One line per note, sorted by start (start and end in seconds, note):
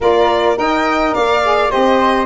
0.00 0.57 A#3
0.00 0.55 F4
0.00 0.57 A#4
0.00 0.58 D5
0.55 1.14 D#4
0.55 1.41 A#4
0.55 1.14 D#5
0.55 1.13 G5
1.13 1.73 A#3
1.13 1.70 D5
1.13 1.70 F5
1.44 1.69 G#4
1.69 2.26 C4
1.69 2.26 G4
1.69 2.26 C5
1.69 2.26 D#5